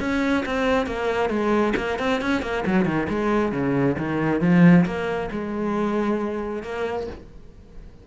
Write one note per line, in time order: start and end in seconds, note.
0.00 0.44 C#4
0.45 0.86 C4
0.86 1.29 A#3
1.29 1.73 G#3
1.76 1.99 A#3
1.99 2.21 C4
2.21 2.42 C#4
2.42 2.64 A#3
2.66 2.85 F#3
2.85 3.07 D#3
3.09 3.52 G#3
3.52 3.96 C#3
3.98 4.41 D#3
4.41 4.85 F3
4.85 5.30 A#3
5.31 6.63 G#3
6.63 7.07 A#3